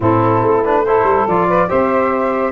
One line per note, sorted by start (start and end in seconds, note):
0.00 0.42 A2
0.00 0.64 C4
0.00 0.81 E4
0.00 0.64 A4
0.42 1.03 A3
0.64 0.85 D4
0.64 0.84 B4
0.84 1.29 E4
0.84 1.47 A4
0.84 1.27 C5
1.03 1.24 G3
1.27 1.69 F3
1.27 1.68 F4
1.27 1.69 D5
1.47 1.68 B4
1.68 2.51 C4
1.68 2.51 G4
1.68 2.51 C5
1.68 2.51 E5